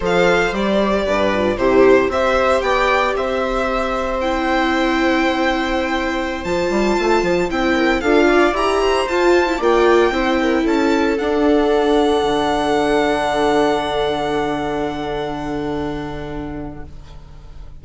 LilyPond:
<<
  \new Staff \with { instrumentName = "violin" } { \time 4/4 \tempo 4 = 114 f''4 d''2 c''4 | e''4 g''4 e''2 | g''1~ | g''16 a''2 g''4 f''8.~ |
f''16 ais''4 a''4 g''4.~ g''16~ | g''16 a''4 fis''2~ fis''8.~ | fis''1~ | fis''1 | }
  \new Staff \with { instrumentName = "viola" } { \time 4/4 c''2 b'4 g'4 | c''4 d''4 c''2~ | c''1~ | c''2~ c''8. ais'8 a'8 d''16~ |
d''8. c''4. d''4 c''8 ais'16~ | ais'16 a'2.~ a'8.~ | a'1~ | a'1 | }
  \new Staff \with { instrumentName = "viola" } { \time 4/4 a'4 g'4. f'8 e'4 | g'1 | e'1~ | e'16 f'2 e'4 f'8.~ |
f'16 g'4 f'8. e'16 f'4 e'8.~ | e'4~ e'16 d'2~ d'8.~ | d'1~ | d'1 | }
  \new Staff \with { instrumentName = "bassoon" } { \time 4/4 f4 g4 g,4 c4 | c'4 b4 c'2~ | c'1~ | c'16 f8 g8 a8 f8 c'4 d'8.~ |
d'16 e'4 f'4 ais4 c'8.~ | c'16 cis'4 d'2 d8.~ | d1~ | d1 | }
>>